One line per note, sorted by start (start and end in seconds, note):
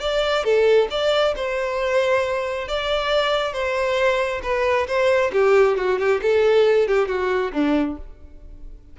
0.00 0.44 D5
0.44 0.88 A4
0.91 1.35 D5
1.36 2.68 C5
2.68 3.53 D5
3.53 4.41 C5
4.43 4.87 B4
4.87 5.31 C5
5.33 5.77 G4
5.77 5.99 F#4
5.99 6.21 G4
6.22 6.88 A4
6.88 7.08 G4
7.08 7.52 F#4
7.53 7.97 D4